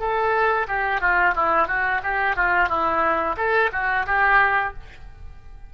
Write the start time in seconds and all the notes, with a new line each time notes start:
0.00 A4
0.68 G4
1.01 F4
1.36 E4
1.68 F#4
2.04 G4
2.37 F4
2.69 E4
3.37 A4
3.73 F#4
4.07 G4